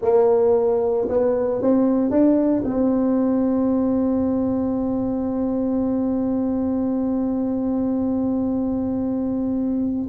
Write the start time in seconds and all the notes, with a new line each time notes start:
0.01 A#3
1.08 B3
1.61 C4
2.10 D4
2.64 C4